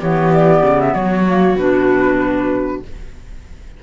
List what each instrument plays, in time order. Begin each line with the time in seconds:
0.00 cello E3, clarinet B3, viola G4, flute C#5
0.34 flute D5
0.63 cello C#3
0.81 flute E5
0.94 cello F#3, viola F#4, flute C#5
1.26 clarinet A#3
1.56 cello B2, clarinet D4, flute B4